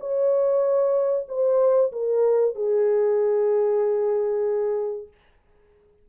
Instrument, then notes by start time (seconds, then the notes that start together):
horn
0.00 C#5
1.29 C5
1.92 A#4
2.55 G#4